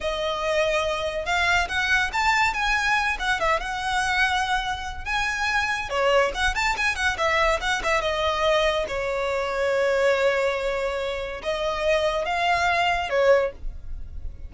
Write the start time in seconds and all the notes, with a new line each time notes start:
0.01 D#5
1.25 F5
1.68 F#5
2.12 A5
2.53 G#5
3.19 F#5
3.40 E5
3.60 F#5
5.05 G#5
5.89 C#5
6.34 F#5
6.54 A5
6.76 G#5
6.95 F#5
7.17 E5
7.61 F#5
7.83 E5
8.01 D#5
8.88 C#5
11.42 D#5
12.25 F5
13.09 C#5